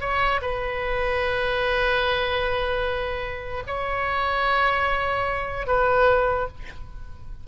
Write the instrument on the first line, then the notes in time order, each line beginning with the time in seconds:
oboe
0.00 C#5
0.41 B4
3.66 C#5
5.67 B4